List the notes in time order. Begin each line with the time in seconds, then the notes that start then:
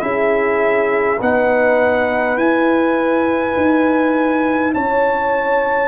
0.00 C#4 E4 G#4 E5
1.20 B3 D#4 B4 F#5
2.37 E4 G#5
3.57 D#4
4.74 C#4 C#5 A5